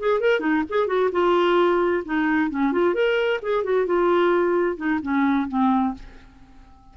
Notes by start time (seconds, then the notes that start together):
0.00 G#4
0.21 A#4
0.41 D#4
0.70 G#4
0.87 F#4
1.12 F4
2.05 D#4
2.51 C#4
2.73 F4
2.95 A#4
3.43 G#4
3.64 F#4
3.87 F4
4.77 D#4
5.03 C#4
5.49 C4